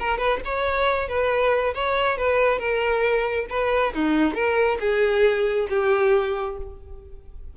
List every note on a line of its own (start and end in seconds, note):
0.00 0.18 A#4
0.18 0.40 B4
0.45 1.09 C#5
1.09 1.74 B4
1.75 2.18 C#5
2.18 2.59 B4
2.59 3.47 A#4
3.50 3.94 B4
3.95 4.35 D#4
4.35 4.78 A#4
4.80 5.68 G#4
5.70 6.58 G4